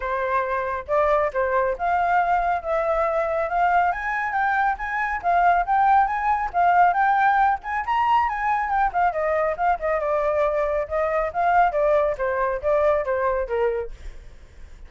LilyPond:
\new Staff \with { instrumentName = "flute" } { \time 4/4 \tempo 4 = 138 c''2 d''4 c''4 | f''2 e''2 | f''4 gis''4 g''4 gis''4 | f''4 g''4 gis''4 f''4 |
g''4. gis''8 ais''4 gis''4 | g''8 f''8 dis''4 f''8 dis''8 d''4~ | d''4 dis''4 f''4 d''4 | c''4 d''4 c''4 ais'4 | }